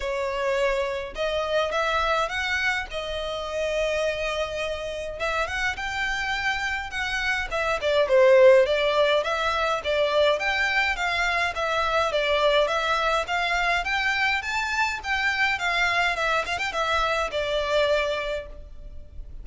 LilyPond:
\new Staff \with { instrumentName = "violin" } { \time 4/4 \tempo 4 = 104 cis''2 dis''4 e''4 | fis''4 dis''2.~ | dis''4 e''8 fis''8 g''2 | fis''4 e''8 d''8 c''4 d''4 |
e''4 d''4 g''4 f''4 | e''4 d''4 e''4 f''4 | g''4 a''4 g''4 f''4 | e''8 f''16 g''16 e''4 d''2 | }